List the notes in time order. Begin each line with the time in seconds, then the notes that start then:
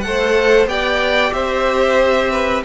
0.00 A3 A4 F#5
0.06 C5
0.66 B3 G4 D5 G5
1.32 C4 C5 E5
2.31 B4